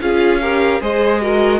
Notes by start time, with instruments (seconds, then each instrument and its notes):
0.00 cello C#4, viola F4, violin G#4 F5
0.41 viola G4, violin A#4
0.81 cello G#3, viola G#4, violin C5 D#5
1.21 viola F#4, violin A#4